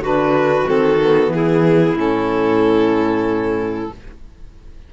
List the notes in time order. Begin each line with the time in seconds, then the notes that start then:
0.00 D3 D4 F#4 B4
0.67 D#3 C4 A4
1.00 B3
1.28 E3 E4 G#4
1.95 A2 C#4 A4